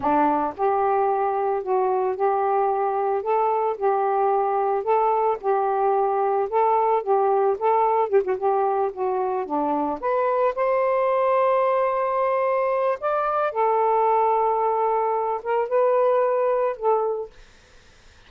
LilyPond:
\new Staff \with { instrumentName = "saxophone" } { \time 4/4 \tempo 4 = 111 d'4 g'2 fis'4 | g'2 a'4 g'4~ | g'4 a'4 g'2 | a'4 g'4 a'4 g'16 fis'16 g'8~ |
g'8 fis'4 d'4 b'4 c''8~ | c''1 | d''4 a'2.~ | a'8 ais'8 b'2 a'4 | }